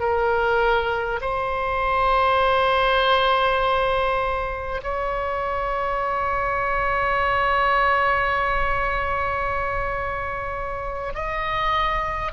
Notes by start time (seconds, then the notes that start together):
0.00 A#4
1.21 C5
4.83 C#5
11.15 D#5